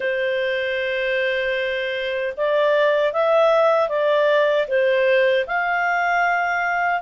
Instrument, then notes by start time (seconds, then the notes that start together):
clarinet
0.00 C5
2.36 D5
3.12 E5
3.88 D5
4.67 C5
5.47 F5